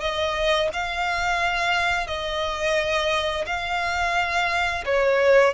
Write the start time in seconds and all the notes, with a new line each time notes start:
0.00 D#5
0.73 F5
2.07 D#5
3.46 F5
4.85 C#5